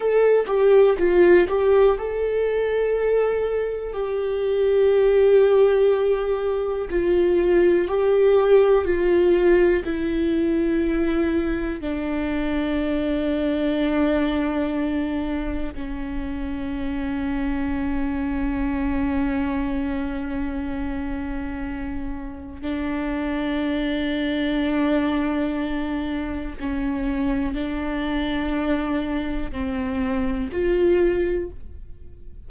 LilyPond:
\new Staff \with { instrumentName = "viola" } { \time 4/4 \tempo 4 = 61 a'8 g'8 f'8 g'8 a'2 | g'2. f'4 | g'4 f'4 e'2 | d'1 |
cis'1~ | cis'2. d'4~ | d'2. cis'4 | d'2 c'4 f'4 | }